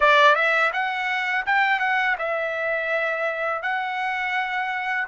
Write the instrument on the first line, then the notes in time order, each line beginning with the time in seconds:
trumpet
0.00 D5
0.35 E5
0.73 F#5
1.46 G5
1.79 F#5
2.18 E5
3.62 F#5